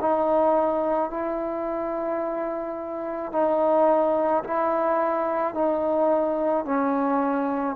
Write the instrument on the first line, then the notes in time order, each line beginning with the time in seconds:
trombone
0.00 D#4
1.10 E4
3.32 D#4
4.43 E4
5.54 D#4
6.65 C#4